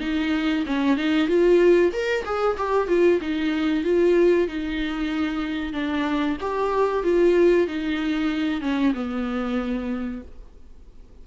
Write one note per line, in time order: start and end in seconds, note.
0.00 0.64 D#4
0.66 0.96 C#4
0.96 1.28 D#4
1.28 1.91 F4
1.92 2.24 A#4
2.25 2.57 G#4
2.57 2.88 G4
2.88 3.19 F4
3.21 3.83 D#4
3.83 4.47 F4
4.47 5.73 D#4
5.73 6.37 D4
6.40 7.03 G4
7.03 7.67 F4
7.67 8.61 D#4
8.61 8.93 C#4
8.94 10.22 B3